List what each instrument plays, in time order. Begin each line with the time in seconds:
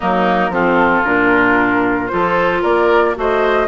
0.00 bassoon F#3, clarinet A#3, oboe D#4, flute A#4
0.49 bassoon F3, clarinet C4, oboe F4, flute A4
1.04 bassoon A#2, clarinet D4, flute A#4
2.07 bassoon F3, clarinet F4, oboe A4, flute C5
2.62 bassoon A#3, oboe A#4, flute D5
3.15 bassoon A3, clarinet F#4, oboe C5, flute D#5